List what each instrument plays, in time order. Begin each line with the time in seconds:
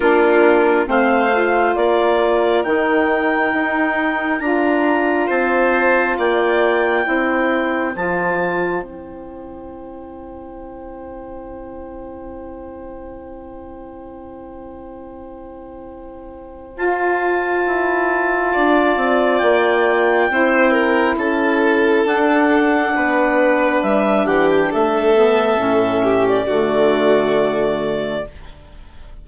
0.00 bassoon A#3, saxophone D4, violin F4, clarinet A#4
0.86 bassoon A3, saxophone C4, violin C5, clarinet F5
1.33 saxophone F4
1.75 bassoon A#3, violin A#4, clarinet D5
2.63 bassoon D#3, saxophone D#4, clarinet G5
3.52 bassoon D#4
4.40 bassoon D4, saxophone F4, clarinet A#5
5.26 bassoon C4, violin C5, clarinet A5
6.17 bassoon A#3, violin D5, clarinet G5
7.03 bassoon C4, saxophone E4, violin C5
7.95 bassoon F3, saxophone F4, clarinet A5
8.81 bassoon C4, saxophone E4, clarinet G5
16.76 saxophone F4, bassoon F4, clarinet A5
17.66 bassoon E4
18.52 bassoon D4, violin D5
18.96 bassoon C4
19.38 bassoon A#3, clarinet G5
20.29 bassoon C4, saxophone E4, violin C5
20.71 violin A#4
21.16 bassoon C#4, violin A4, clarinet A5
22.04 bassoon D4, saxophone D4, clarinet F#5
22.95 bassoon B3, violin B4
23.82 bassoon G3, clarinet E5
24.25 bassoon E3, violin G4, clarinet F#5
24.50 clarinet G5
24.70 bassoon A3, violin A4, clarinet E5
25.15 saxophone B3
25.57 bassoon A2, saxophone C#4
26.03 violin G4
26.28 clarinet D5
26.46 bassoon D3, saxophone A3, violin F#4